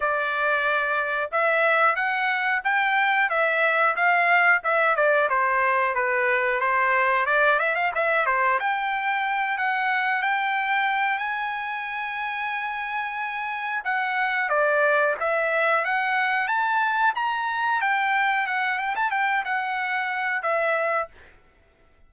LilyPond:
\new Staff \with { instrumentName = "trumpet" } { \time 4/4 \tempo 4 = 91 d''2 e''4 fis''4 | g''4 e''4 f''4 e''8 d''8 | c''4 b'4 c''4 d''8 e''16 f''16 | e''8 c''8 g''4. fis''4 g''8~ |
g''4 gis''2.~ | gis''4 fis''4 d''4 e''4 | fis''4 a''4 ais''4 g''4 | fis''8 g''16 a''16 g''8 fis''4. e''4 | }